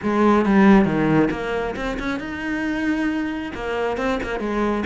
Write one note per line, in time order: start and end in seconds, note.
0.02 0.45 G#3
0.45 0.85 G3
0.85 1.29 D#3
1.31 1.75 A#3
1.75 1.98 C4
1.99 2.19 C#4
2.19 3.52 D#4
3.54 3.97 A#3
3.97 4.19 C4
4.23 4.39 A#3
4.39 4.83 G#3